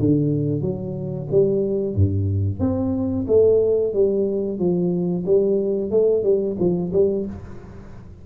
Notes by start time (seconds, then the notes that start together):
0.00 D3
0.62 F#3
1.32 G3
1.95 G2
2.60 C4
3.28 A3
3.94 G3
4.59 F3
5.26 G3
5.91 A3
6.24 G3
6.60 F3
6.93 G3